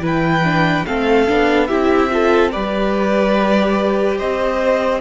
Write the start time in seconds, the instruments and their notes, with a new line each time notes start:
0.00 cello E3, viola E4, violin B4
0.06 violin G5
0.44 viola D4
0.86 cello A3, viola C4, violin A4 F5
1.27 cello B3, viola D4
1.67 cello C4, viola E4, violin G4 E5
2.10 viola F4, violin A4
2.51 cello G3, viola G4, violin B4 D5
4.18 cello C4, violin C5 D#5